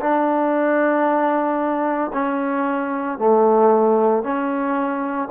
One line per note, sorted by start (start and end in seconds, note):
0.00 2.11 D4
2.13 3.18 C#4
3.19 4.23 A3
4.23 5.28 C#4